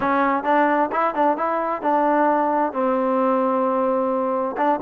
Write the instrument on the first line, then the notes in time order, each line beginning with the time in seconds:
trombone
0.00 C#4
0.43 D4
0.92 E4
1.15 D4
1.37 E4
1.82 D4
2.73 C4
4.57 D4